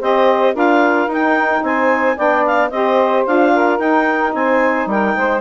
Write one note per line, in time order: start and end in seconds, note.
0.00 0.56 C4
0.00 0.54 G4
0.00 0.54 C5
0.00 0.57 D#5
0.54 1.08 D4
0.54 1.08 F4
0.54 1.62 A#4
0.54 1.12 F5
1.08 1.62 D#4
1.08 2.17 D#4
1.08 1.65 G5
1.63 2.17 C4
1.63 2.17 C5
1.63 2.19 G#5
2.17 2.71 B3
2.17 2.71 D4
2.17 2.71 D5
2.17 2.46 G5
2.46 2.70 F5
2.70 3.25 C4
2.70 3.27 G4
2.70 3.54 C5
2.70 3.24 D#5
3.27 3.79 D4
3.27 3.79 F4
3.27 3.79 F5
3.54 4.35 A#4
3.79 5.41 D#4
3.79 4.33 D#4
3.79 4.33 G5
4.35 4.87 C4
4.35 4.90 C5
4.35 4.89 G#5
4.87 5.14 G3
4.87 5.16 A#4
4.87 5.41 G5
5.16 5.41 G#3
5.16 5.41 C5